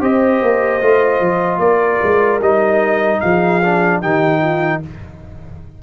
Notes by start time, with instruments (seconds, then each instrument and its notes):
0.00 tuba C4, trombone G4, horn C5, trumpet D#5
0.42 tuba A#3
0.81 tuba A3, trombone F4
1.20 tuba F3
1.58 tuba A#3, horn A#4, trumpet D5
2.02 tuba G#3
2.39 tuba G3, trombone D#4, trumpet D#5
3.20 tuba F3, horn G#4, trumpet F5
3.62 trombone D4
4.00 tuba D#3, trombone D#4, horn G4, trumpet G5
4.40 horn F4